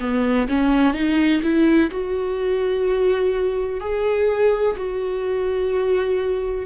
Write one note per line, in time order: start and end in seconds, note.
0.00 0.48 B3
0.48 0.94 C#4
0.94 1.41 D#4
1.43 1.90 E4
1.90 3.81 F#4
3.81 4.76 G#4
4.77 6.66 F#4